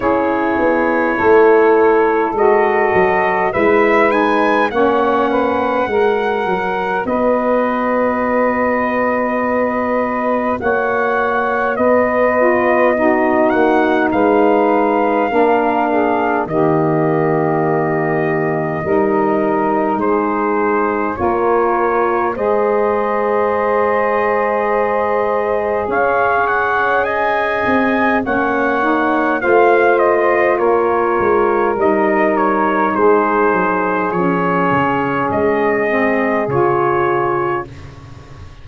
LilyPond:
<<
  \new Staff \with { instrumentName = "trumpet" } { \time 4/4 \tempo 4 = 51 cis''2 dis''4 e''8 gis''8 | fis''2 dis''2~ | dis''4 fis''4 dis''4. fis''8 | f''2 dis''2~ |
dis''4 c''4 cis''4 dis''4~ | dis''2 f''8 fis''8 gis''4 | fis''4 f''8 dis''8 cis''4 dis''8 cis''8 | c''4 cis''4 dis''4 cis''4 | }
  \new Staff \with { instrumentName = "saxophone" } { \time 4/4 gis'4 a'2 b'4 | cis''8 b'8 ais'4 b'2~ | b'4 cis''4 b'4 fis'4 | b'4 ais'8 gis'8 g'2 |
ais'4 gis'4 ais'4 c''4~ | c''2 cis''4 dis''4 | cis''4 c''4 ais'2 | gis'1 | }
  \new Staff \with { instrumentName = "saxophone" } { \time 4/4 e'2 fis'4 e'8 dis'8 | cis'4 fis'2.~ | fis'2~ fis'8 f'8 dis'4~ | dis'4 d'4 ais2 |
dis'2 f'4 gis'4~ | gis'1 | cis'8 dis'8 f'2 dis'4~ | dis'4 cis'4. c'8 f'4 | }
  \new Staff \with { instrumentName = "tuba" } { \time 4/4 cis'8 b8 a4 gis8 fis8 gis4 | ais4 gis8 fis8 b2~ | b4 ais4 b4. ais8 | gis4 ais4 dis2 |
g4 gis4 ais4 gis4~ | gis2 cis'4. c'8 | ais4 a4 ais8 gis8 g4 | gis8 fis8 f8 cis8 gis4 cis4 | }
>>